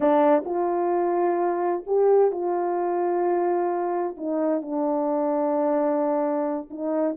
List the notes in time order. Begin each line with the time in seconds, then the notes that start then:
0.00 D4
0.45 F4
1.86 G4
2.31 F4
4.17 D#4
4.61 D4
6.70 D#4